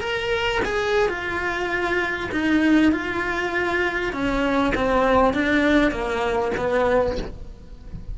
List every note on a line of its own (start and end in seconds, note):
0.00 0.61 A#4
0.64 1.08 G#4
1.08 2.29 F4
2.31 2.91 D#4
2.91 4.12 F4
4.12 4.73 C#4
4.74 5.33 C4
5.33 5.91 D4
5.91 6.52 A#3
6.57 7.17 B3